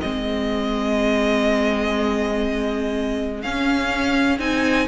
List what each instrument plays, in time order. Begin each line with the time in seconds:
0.00 cello G#3, viola C4, violin G#4 D#5
3.41 viola C#4, cello C#4, violin F5
4.39 cello C4, viola D#4, violin G#5